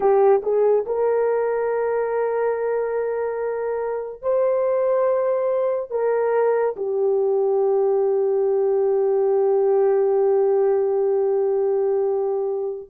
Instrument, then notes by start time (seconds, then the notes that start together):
horn
0.00 G4
0.42 G#4
0.86 A#4
4.22 C5
5.90 A#4
6.76 G4